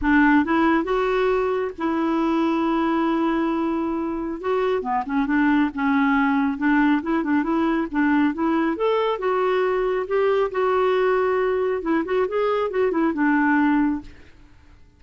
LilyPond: \new Staff \with { instrumentName = "clarinet" } { \time 4/4 \tempo 4 = 137 d'4 e'4 fis'2 | e'1~ | e'2 fis'4 b8 cis'8 | d'4 cis'2 d'4 |
e'8 d'8 e'4 d'4 e'4 | a'4 fis'2 g'4 | fis'2. e'8 fis'8 | gis'4 fis'8 e'8 d'2 | }